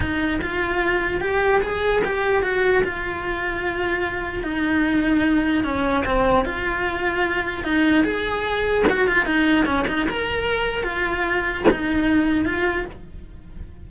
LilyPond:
\new Staff \with { instrumentName = "cello" } { \time 4/4 \tempo 4 = 149 dis'4 f'2 g'4 | gis'4 g'4 fis'4 f'4~ | f'2. dis'4~ | dis'2 cis'4 c'4 |
f'2. dis'4 | gis'2 fis'8 f'8 dis'4 | cis'8 dis'8 ais'2 f'4~ | f'4 dis'2 f'4 | }